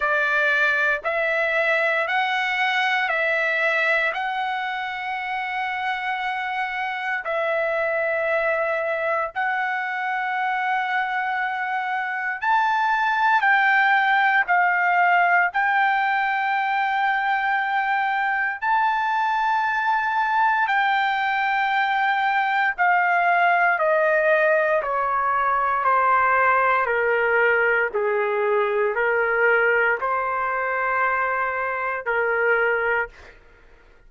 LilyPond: \new Staff \with { instrumentName = "trumpet" } { \time 4/4 \tempo 4 = 58 d''4 e''4 fis''4 e''4 | fis''2. e''4~ | e''4 fis''2. | a''4 g''4 f''4 g''4~ |
g''2 a''2 | g''2 f''4 dis''4 | cis''4 c''4 ais'4 gis'4 | ais'4 c''2 ais'4 | }